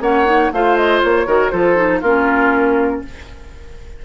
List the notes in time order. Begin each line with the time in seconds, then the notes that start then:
0.00 A#3 C#4 C#5 F#5
0.25 D#4
0.52 A3 F4 C5 F5
0.77 D#5
1.03 A#3 C#5
1.26 D#3 F#4 A#4
1.50 F3 F4 A4 C5
1.76 D#4
2.00 A#3 C#4 F4 A#4